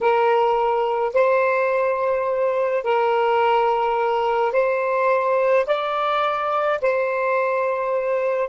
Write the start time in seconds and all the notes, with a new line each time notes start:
0.01 A#4
1.13 C5
2.83 A#4
4.52 C5
5.66 D5
6.81 C5